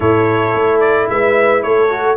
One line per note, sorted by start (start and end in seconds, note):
0.00 0.53 A2
0.00 1.88 E4
0.00 1.09 A4
0.00 0.80 C#5
0.54 1.09 A3
0.80 1.07 D5
1.09 1.63 G#3
1.09 1.64 B4
1.09 1.62 E5
1.62 2.16 A3
1.62 2.16 A4
1.62 2.16 C#5
1.89 2.16 F#4